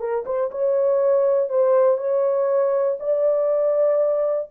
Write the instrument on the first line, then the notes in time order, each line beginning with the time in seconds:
horn
0.00 A#4
0.26 C5
0.52 C#5
1.50 C5
1.98 C#5
3.00 D5